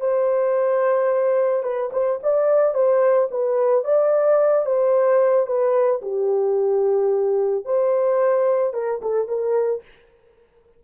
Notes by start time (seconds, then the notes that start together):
0.00 C5
1.63 B4
1.92 C5
2.23 D5
2.74 C5
3.31 B4
3.84 D5
4.66 C5
5.46 B4
6.01 G4
7.65 C5
8.73 A#4
9.01 A4
9.27 A#4